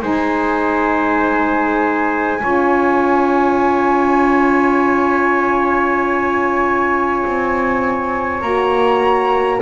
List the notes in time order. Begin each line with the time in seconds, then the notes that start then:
0.00 G#3 D#4 C5 G#5
2.40 C#4 F4 C#5
7.25 C4
8.41 A#3 F#4 A#5